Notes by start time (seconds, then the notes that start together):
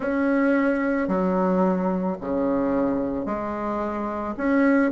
0.00 C#4
1.08 F#3
2.21 C#3
3.25 G#3
4.37 C#4